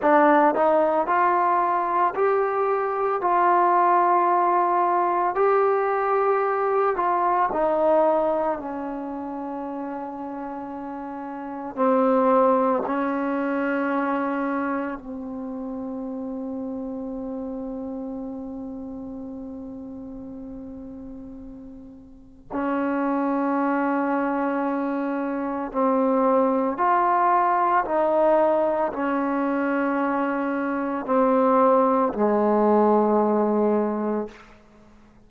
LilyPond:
\new Staff \with { instrumentName = "trombone" } { \time 4/4 \tempo 4 = 56 d'8 dis'8 f'4 g'4 f'4~ | f'4 g'4. f'8 dis'4 | cis'2. c'4 | cis'2 c'2~ |
c'1~ | c'4 cis'2. | c'4 f'4 dis'4 cis'4~ | cis'4 c'4 gis2 | }